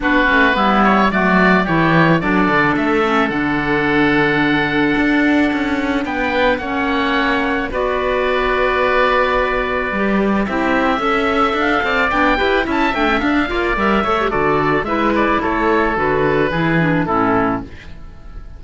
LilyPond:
<<
  \new Staff \with { instrumentName = "oboe" } { \time 4/4 \tempo 4 = 109 b'4. cis''8 d''4 cis''4 | d''4 e''4 fis''2~ | fis''2. g''4 | fis''2 d''2~ |
d''2. e''4~ | e''4 f''4 g''4 a''8 g''8 | f''4 e''4 d''4 e''8 d''8 | cis''4 b'2 a'4 | }
  \new Staff \with { instrumentName = "oboe" } { \time 4/4 fis'4 e'4 fis'4 g'4 | a'1~ | a'2. b'4 | cis''2 b'2~ |
b'2. g'4 | e''4. d''4 b'8 e''4~ | e''8 d''4 cis''8 a'4 b'4 | a'2 gis'4 e'4 | }
  \new Staff \with { instrumentName = "clarinet" } { \time 4/4 d'8 cis'8 b4 a4 e'4 | d'4. cis'8 d'2~ | d'1 | cis'2 fis'2~ |
fis'2 g'4 e'4 | a'2 d'8 g'8 e'8 d'16 cis'16 | d'8 f'8 ais'8 a'16 g'16 fis'4 e'4~ | e'4 fis'4 e'8 d'8 cis'4 | }
  \new Staff \with { instrumentName = "cello" } { \time 4/4 b8 a8 g4 fis4 e4 | fis8 d8 a4 d2~ | d4 d'4 cis'4 b4 | ais2 b2~ |
b2 g4 c'4 | cis'4 d'8 c'8 b8 e'8 cis'8 a8 | d'8 ais8 g8 a8 d4 gis4 | a4 d4 e4 a,4 | }
>>